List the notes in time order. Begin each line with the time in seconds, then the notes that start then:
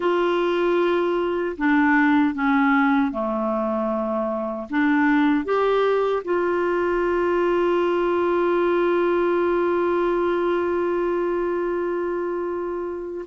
0.00 F4
1.57 D4
2.34 C#4
3.11 A3
4.70 D4
5.44 G4
6.24 F4